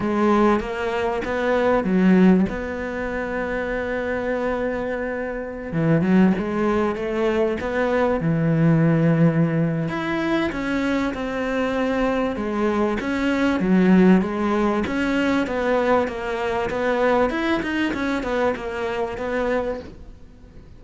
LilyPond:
\new Staff \with { instrumentName = "cello" } { \time 4/4 \tempo 4 = 97 gis4 ais4 b4 fis4 | b1~ | b4~ b16 e8 fis8 gis4 a8.~ | a16 b4 e2~ e8. |
e'4 cis'4 c'2 | gis4 cis'4 fis4 gis4 | cis'4 b4 ais4 b4 | e'8 dis'8 cis'8 b8 ais4 b4 | }